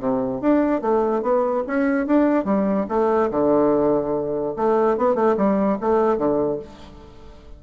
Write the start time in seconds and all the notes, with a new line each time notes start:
0.00 C3
0.41 D4
0.82 A3
1.23 B3
1.68 C#4
2.07 D4
2.45 G3
2.89 A3
3.31 D3
4.57 A3
4.98 B3
5.16 A3
5.38 G3
5.81 A3
6.18 D3